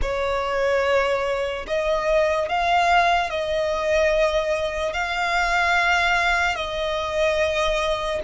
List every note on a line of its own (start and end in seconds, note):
0.01 1.66 C#5
1.67 2.48 D#5
2.48 3.30 F5
3.30 4.93 D#5
4.93 6.55 F5
6.55 8.20 D#5